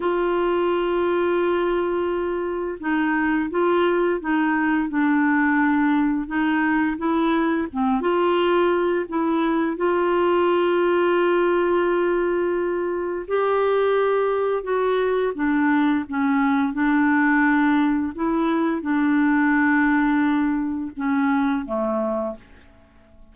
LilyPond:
\new Staff \with { instrumentName = "clarinet" } { \time 4/4 \tempo 4 = 86 f'1 | dis'4 f'4 dis'4 d'4~ | d'4 dis'4 e'4 c'8 f'8~ | f'4 e'4 f'2~ |
f'2. g'4~ | g'4 fis'4 d'4 cis'4 | d'2 e'4 d'4~ | d'2 cis'4 a4 | }